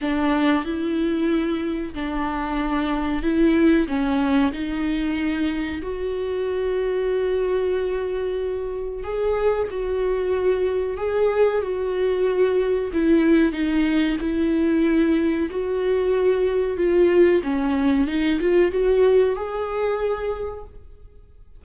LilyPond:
\new Staff \with { instrumentName = "viola" } { \time 4/4 \tempo 4 = 93 d'4 e'2 d'4~ | d'4 e'4 cis'4 dis'4~ | dis'4 fis'2.~ | fis'2 gis'4 fis'4~ |
fis'4 gis'4 fis'2 | e'4 dis'4 e'2 | fis'2 f'4 cis'4 | dis'8 f'8 fis'4 gis'2 | }